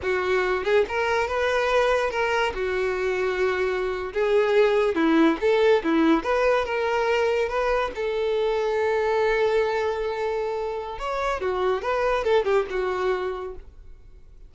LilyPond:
\new Staff \with { instrumentName = "violin" } { \time 4/4 \tempo 4 = 142 fis'4. gis'8 ais'4 b'4~ | b'4 ais'4 fis'2~ | fis'4.~ fis'16 gis'2 e'16~ | e'8. a'4 e'4 b'4 ais'16~ |
ais'4.~ ais'16 b'4 a'4~ a'16~ | a'1~ | a'2 cis''4 fis'4 | b'4 a'8 g'8 fis'2 | }